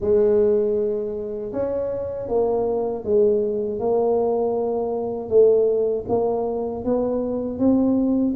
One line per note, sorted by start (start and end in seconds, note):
0.00 1.52 G#3
1.52 2.28 C#4
2.28 3.04 A#3
3.04 3.79 G#3
3.79 5.29 A#3
5.29 6.04 A3
6.08 6.84 A#3
6.84 7.58 B3
7.58 8.34 C4